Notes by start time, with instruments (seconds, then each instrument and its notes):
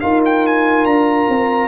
0.00 tuba D#4, trombone F4, horn A#4, trumpet F5
0.25 trumpet G5
0.46 trumpet G#5
0.85 tuba D4, trumpet A#5
1.29 tuba C4